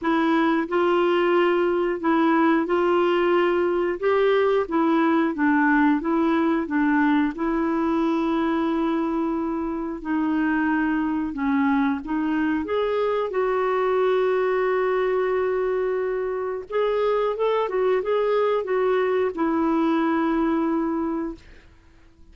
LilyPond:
\new Staff \with { instrumentName = "clarinet" } { \time 4/4 \tempo 4 = 90 e'4 f'2 e'4 | f'2 g'4 e'4 | d'4 e'4 d'4 e'4~ | e'2. dis'4~ |
dis'4 cis'4 dis'4 gis'4 | fis'1~ | fis'4 gis'4 a'8 fis'8 gis'4 | fis'4 e'2. | }